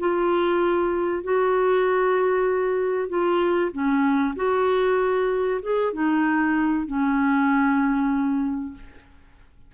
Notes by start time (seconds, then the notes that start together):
0.00 F4
1.24 F#4
3.09 F4
3.73 C#4
4.36 F#4
5.63 G#4
5.93 D#4
6.87 C#4